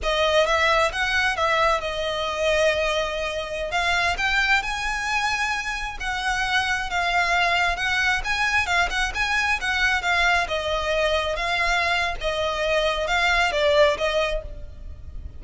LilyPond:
\new Staff \with { instrumentName = "violin" } { \time 4/4 \tempo 4 = 133 dis''4 e''4 fis''4 e''4 | dis''1~ | dis''16 f''4 g''4 gis''4.~ gis''16~ | gis''4~ gis''16 fis''2 f''8.~ |
f''4~ f''16 fis''4 gis''4 f''8 fis''16~ | fis''16 gis''4 fis''4 f''4 dis''8.~ | dis''4~ dis''16 f''4.~ f''16 dis''4~ | dis''4 f''4 d''4 dis''4 | }